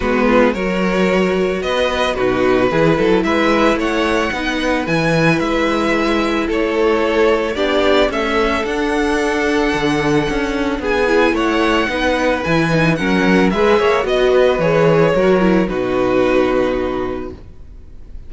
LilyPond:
<<
  \new Staff \with { instrumentName = "violin" } { \time 4/4 \tempo 4 = 111 b'4 cis''2 dis''4 | b'2 e''4 fis''4~ | fis''4 gis''4 e''2 | cis''2 d''4 e''4 |
fis''1 | gis''4 fis''2 gis''4 | fis''4 e''4 dis''4 cis''4~ | cis''4 b'2. | }
  \new Staff \with { instrumentName = "violin" } { \time 4/4 fis'8 f'8 ais'2 b'4 | fis'4 gis'8 a'8 b'4 cis''4 | b'1 | a'2 g'4 a'4~ |
a'1 | gis'4 cis''4 b'2 | ais'4 b'8 cis''8 dis''8 b'4. | ais'4 fis'2. | }
  \new Staff \with { instrumentName = "viola" } { \time 4/4 b4 fis'2. | dis'4 e'2. | dis'4 e'2.~ | e'2 d'4 a4 |
d'1~ | d'8 e'4. dis'4 e'8 dis'8 | cis'4 gis'4 fis'4 gis'4 | fis'8 e'8 dis'2. | }
  \new Staff \with { instrumentName = "cello" } { \time 4/4 gis4 fis2 b4 | b,4 e8 fis8 gis4 a4 | b4 e4 gis2 | a2 b4 cis'4 |
d'2 d4 cis'4 | b4 a4 b4 e4 | fis4 gis8 ais8 b4 e4 | fis4 b,2. | }
>>